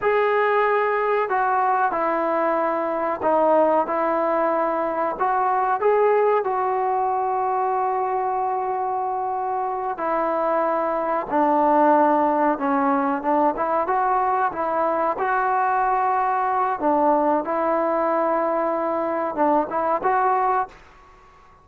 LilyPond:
\new Staff \with { instrumentName = "trombone" } { \time 4/4 \tempo 4 = 93 gis'2 fis'4 e'4~ | e'4 dis'4 e'2 | fis'4 gis'4 fis'2~ | fis'2.~ fis'8 e'8~ |
e'4. d'2 cis'8~ | cis'8 d'8 e'8 fis'4 e'4 fis'8~ | fis'2 d'4 e'4~ | e'2 d'8 e'8 fis'4 | }